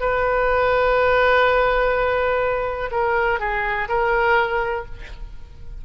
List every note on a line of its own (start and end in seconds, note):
0.00 2.90 B4
2.91 3.40 A#4
3.40 3.88 G#4
3.88 4.85 A#4